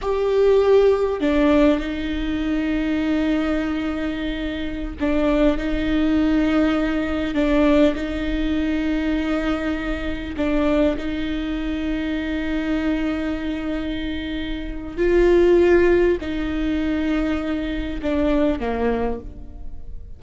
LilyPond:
\new Staff \with { instrumentName = "viola" } { \time 4/4 \tempo 4 = 100 g'2 d'4 dis'4~ | dis'1~ | dis'16 d'4 dis'2~ dis'8.~ | dis'16 d'4 dis'2~ dis'8.~ |
dis'4~ dis'16 d'4 dis'4.~ dis'16~ | dis'1~ | dis'4 f'2 dis'4~ | dis'2 d'4 ais4 | }